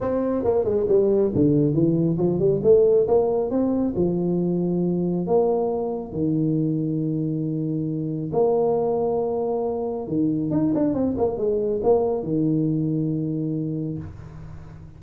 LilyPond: \new Staff \with { instrumentName = "tuba" } { \time 4/4 \tempo 4 = 137 c'4 ais8 gis8 g4 d4 | e4 f8 g8 a4 ais4 | c'4 f2. | ais2 dis2~ |
dis2. ais4~ | ais2. dis4 | dis'8 d'8 c'8 ais8 gis4 ais4 | dis1 | }